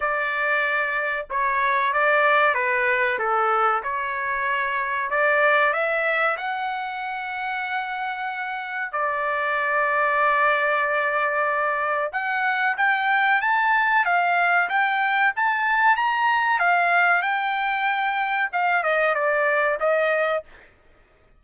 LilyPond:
\new Staff \with { instrumentName = "trumpet" } { \time 4/4 \tempo 4 = 94 d''2 cis''4 d''4 | b'4 a'4 cis''2 | d''4 e''4 fis''2~ | fis''2 d''2~ |
d''2. fis''4 | g''4 a''4 f''4 g''4 | a''4 ais''4 f''4 g''4~ | g''4 f''8 dis''8 d''4 dis''4 | }